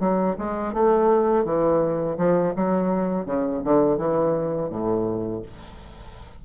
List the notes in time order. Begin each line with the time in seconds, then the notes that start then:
0.00 F#3
0.38 G#3
0.74 A3
1.45 E3
2.18 F3
2.56 F#3
3.26 C#3
3.64 D3
3.98 E3
4.70 A2